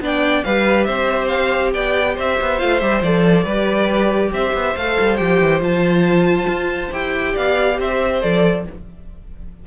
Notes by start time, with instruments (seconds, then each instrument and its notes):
0.00 cello B3, viola D4, violin D5 G5
0.44 cello G3, viola G4, violin B4 F5
0.84 cello C4, violin C5 E5
1.27 violin F5
1.73 cello B3, violin D5 G5
2.14 cello C4, violin C5 E5
2.40 cello B3
2.58 cello A3, viola F4, violin F5
2.79 cello G3, viola G4, violin E5
3.02 cello F3, viola A4, violin D5
3.43 cello G3, viola G4, violin B4
4.31 cello C4, violin C5 E5
4.53 cello B3
4.75 cello A3, viola A4, violin F5
5.00 cello G3
5.16 cello F3, viola G4, violin G5
5.41 cello E3
5.60 cello F3, viola F4, violin A5
6.47 cello F4
6.91 cello E4, viola G4, violin G5
7.33 cello B3, violin D5 F5
7.79 cello C4, violin C5 E5
8.21 cello F3, viola A4, violin D5